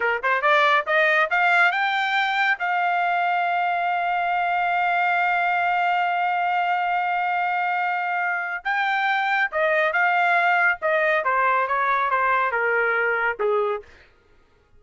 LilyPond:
\new Staff \with { instrumentName = "trumpet" } { \time 4/4 \tempo 4 = 139 ais'8 c''8 d''4 dis''4 f''4 | g''2 f''2~ | f''1~ | f''1~ |
f''1 | g''2 dis''4 f''4~ | f''4 dis''4 c''4 cis''4 | c''4 ais'2 gis'4 | }